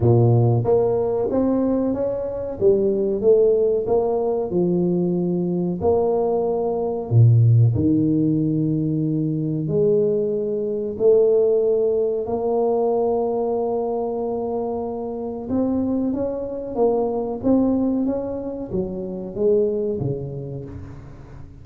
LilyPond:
\new Staff \with { instrumentName = "tuba" } { \time 4/4 \tempo 4 = 93 ais,4 ais4 c'4 cis'4 | g4 a4 ais4 f4~ | f4 ais2 ais,4 | dis2. gis4~ |
gis4 a2 ais4~ | ais1 | c'4 cis'4 ais4 c'4 | cis'4 fis4 gis4 cis4 | }